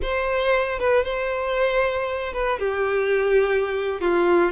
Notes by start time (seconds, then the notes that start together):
0.02 C5
0.79 B4
1.04 C5
2.33 B4
2.59 G4
4.01 F4